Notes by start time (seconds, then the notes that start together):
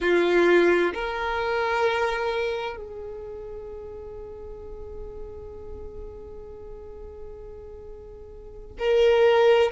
0.00 F4
0.93 A#4
2.76 G#4
8.79 A#4